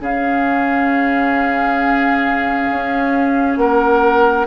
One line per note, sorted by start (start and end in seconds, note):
0.00 2.69 C#3
0.00 4.47 C#4
0.00 3.59 G#4
0.00 3.57 F5
2.70 3.56 C#4
3.56 4.46 A#3
3.56 4.47 A#4
3.56 4.46 F#5